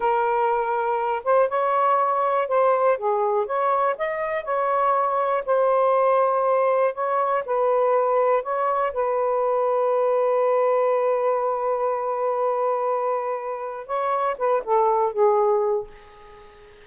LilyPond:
\new Staff \with { instrumentName = "saxophone" } { \time 4/4 \tempo 4 = 121 ais'2~ ais'8 c''8 cis''4~ | cis''4 c''4 gis'4 cis''4 | dis''4 cis''2 c''4~ | c''2 cis''4 b'4~ |
b'4 cis''4 b'2~ | b'1~ | b'1 | cis''4 b'8 a'4 gis'4. | }